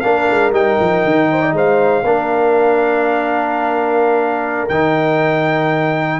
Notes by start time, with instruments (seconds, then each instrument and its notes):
0.00 tuba A#3, trombone D4, horn A#4, trumpet F5
0.30 tuba G#3
0.51 tuba G3, trombone D#4, trumpet G5
0.80 tuba F3
1.04 tuba D#3
1.32 horn C5
1.41 horn D5
1.53 tuba G#3, horn C5, trumpet F5
2.04 tuba A#3, trombone D4, horn A#4
4.69 tuba D#3, trombone D#4, trumpet G5